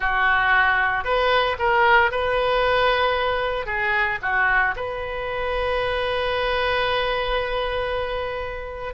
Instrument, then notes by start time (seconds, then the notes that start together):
oboe
0.00 F#4
1.04 B4
1.58 A#4
2.11 B4
3.66 G#4
4.22 F#4
4.76 B4